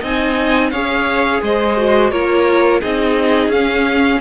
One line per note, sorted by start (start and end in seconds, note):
0.00 0.72 C4
0.00 0.73 D#4
0.00 0.70 D#5
0.00 0.70 G#5
0.70 1.41 C#4
0.70 1.76 G#4
0.70 1.41 C#5
0.70 1.40 F5
1.42 2.11 G#3
1.42 2.11 C5
1.42 2.11 D#5
1.76 2.11 F#4
2.11 2.81 A#3
2.11 2.81 F4
2.11 2.80 A#4
2.11 2.80 C#5
2.80 3.47 C4
2.80 3.52 D#4
2.80 4.20 G#4
2.80 3.51 D#5
3.47 4.17 C#4
3.47 4.20 C#4
3.47 4.20 F5